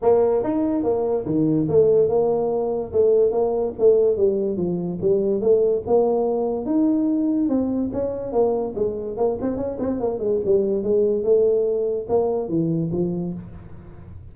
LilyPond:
\new Staff \with { instrumentName = "tuba" } { \time 4/4 \tempo 4 = 144 ais4 dis'4 ais4 dis4 | a4 ais2 a4 | ais4 a4 g4 f4 | g4 a4 ais2 |
dis'2 c'4 cis'4 | ais4 gis4 ais8 c'8 cis'8 c'8 | ais8 gis8 g4 gis4 a4~ | a4 ais4 e4 f4 | }